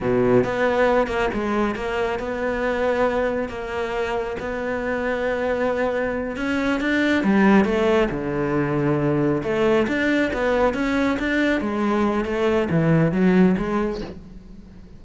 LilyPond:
\new Staff \with { instrumentName = "cello" } { \time 4/4 \tempo 4 = 137 b,4 b4. ais8 gis4 | ais4 b2. | ais2 b2~ | b2~ b8 cis'4 d'8~ |
d'8 g4 a4 d4.~ | d4. a4 d'4 b8~ | b8 cis'4 d'4 gis4. | a4 e4 fis4 gis4 | }